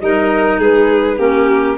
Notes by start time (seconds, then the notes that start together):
0.00 G3 D#4 A#4 D#5
0.60 G#3 G#4 B4
1.18 A#3 C#4 G4 A#4